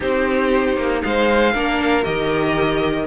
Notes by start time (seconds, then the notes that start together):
0.00 C4 D#4 G4 C5
0.76 A#3
1.02 G#3 C5 F5
1.52 A#3 D4 A#4
2.02 D#3 G4 D#5